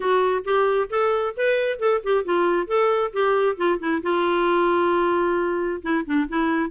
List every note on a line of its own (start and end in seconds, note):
0.00 0.44 F#4
0.44 0.89 G4
0.90 1.34 A4
1.36 1.79 B4
1.79 2.01 A4
2.03 2.24 G4
2.24 2.67 F4
2.67 3.12 A4
3.13 3.56 G4
3.56 3.79 F4
3.79 4.02 E4
4.03 5.82 F4
5.82 6.04 E4
6.05 6.28 D4
6.28 6.70 E4